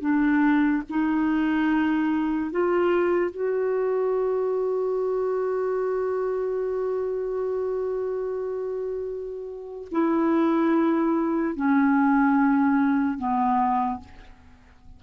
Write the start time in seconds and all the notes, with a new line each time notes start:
0.00 D4
0.89 D#4
2.51 F4
3.31 F#4
9.91 E4
11.56 C#4
13.18 B3